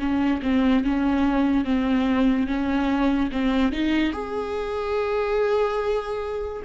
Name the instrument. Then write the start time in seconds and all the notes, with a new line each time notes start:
viola
0.00 C#4
0.43 C4
0.85 C#4
1.65 C4
2.47 C#4
3.32 C4
3.73 D#4
4.13 G#4